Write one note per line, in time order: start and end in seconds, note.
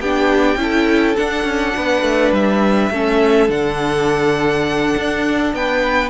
0.00 0.56 B3
0.00 0.58 D4
0.00 0.59 G4
0.00 1.17 G5
0.56 1.14 C#4
0.56 1.17 E4
0.62 1.77 A4
1.17 2.92 D4
1.17 1.44 D4
1.17 2.33 F#5
1.44 1.73 C#4
1.77 2.02 B3
1.77 2.93 B4
2.02 2.31 A3
2.32 2.90 G3
2.32 3.51 E5
2.91 3.49 A3
2.91 3.49 C#4
2.91 5.54 A4
3.49 4.95 D3
3.49 6.10 D4
3.49 5.55 F#5
4.97 5.54 D4
5.54 6.10 B3
5.54 6.10 B4
5.54 6.10 G5